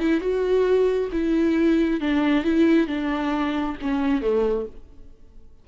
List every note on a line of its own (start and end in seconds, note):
0.00 0.21 E4
0.21 1.09 F#4
1.13 2.01 E4
2.01 2.44 D4
2.44 2.87 E4
2.87 3.76 D4
3.82 4.22 C#4
4.22 4.66 A3